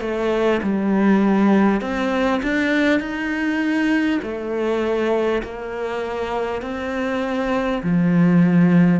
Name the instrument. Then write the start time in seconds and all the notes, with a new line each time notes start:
cello
0.00 A3
0.62 G3
1.81 C4
2.42 D4
2.99 D#4
4.22 A3
5.43 A#3
6.61 C4
7.83 F3